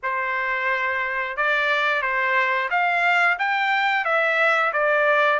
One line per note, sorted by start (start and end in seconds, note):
0.02 1.37 C5
1.37 2.01 D5
2.01 2.69 C5
2.70 3.37 F5
3.38 4.04 G5
4.04 4.72 E5
4.73 5.39 D5